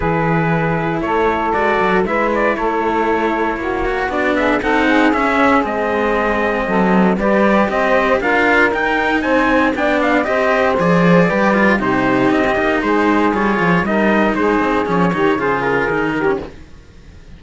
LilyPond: <<
  \new Staff \with { instrumentName = "trumpet" } { \time 4/4 \tempo 4 = 117 b'2 cis''4 d''4 | e''8 d''8 cis''2. | d''8 e''8 fis''4 e''4 dis''4~ | dis''2 d''4 dis''4 |
f''4 g''4 gis''4 g''8 f''8 | dis''4 d''2 c''4 | dis''4 c''4 cis''4 dis''4 | c''4 cis''4 c''8 ais'4. | }
  \new Staff \with { instrumentName = "saxophone" } { \time 4/4 gis'2 a'2 | b'4 a'2 fis'4~ | fis'8 gis'8 a'8 gis'2~ gis'8~ | gis'4 a'4 b'4 c''4 |
ais'2 c''4 d''4 | c''2 b'4 g'4~ | g'4 gis'2 ais'4 | gis'4. g'8 gis'4. g'8 | }
  \new Staff \with { instrumentName = "cello" } { \time 4/4 e'2. fis'4 | e'2.~ e'8 fis'8 | d'4 dis'4 cis'4 c'4~ | c'2 g'2 |
f'4 dis'2 d'4 | g'4 gis'4 g'8 f'8 dis'4~ | dis'16 c'16 dis'4. f'4 dis'4~ | dis'4 cis'8 dis'8 f'4 dis'8. cis'16 | }
  \new Staff \with { instrumentName = "cello" } { \time 4/4 e2 a4 gis8 fis8 | gis4 a2 ais4 | b4 c'4 cis'4 gis4~ | gis4 fis4 g4 c'4 |
d'4 dis'4 c'4 b4 | c'4 f4 g4 c4 | c'8 ais8 gis4 g8 f8 g4 | gis8 c'8 f8 dis8 cis4 dis4 | }
>>